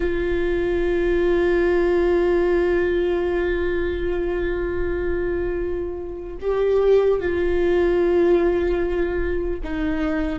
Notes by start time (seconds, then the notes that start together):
0.00 F4
6.40 G4
7.20 F4
9.63 D#4